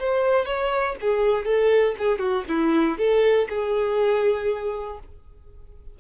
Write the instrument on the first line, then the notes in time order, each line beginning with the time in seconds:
violin
0.00 C5
0.46 C#5
1.01 G#4
1.46 A4
1.99 G#4
2.19 F#4
2.49 E4
2.99 A4
3.50 G#4